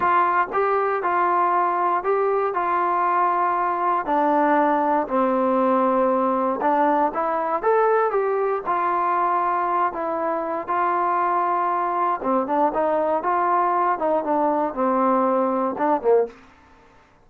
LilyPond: \new Staff \with { instrumentName = "trombone" } { \time 4/4 \tempo 4 = 118 f'4 g'4 f'2 | g'4 f'2. | d'2 c'2~ | c'4 d'4 e'4 a'4 |
g'4 f'2~ f'8 e'8~ | e'4 f'2. | c'8 d'8 dis'4 f'4. dis'8 | d'4 c'2 d'8 ais8 | }